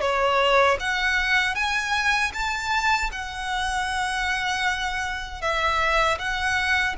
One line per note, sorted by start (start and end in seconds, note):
0.00 0.77 C#5
0.80 1.55 F#5
1.55 2.31 G#5
2.33 3.10 A5
3.11 5.41 F#5
5.41 6.18 E5
6.18 6.95 F#5